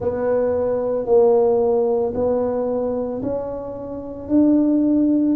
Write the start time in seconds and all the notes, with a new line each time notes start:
0.00 B3
1.05 A#3
2.14 B3
3.22 C#4
4.28 D4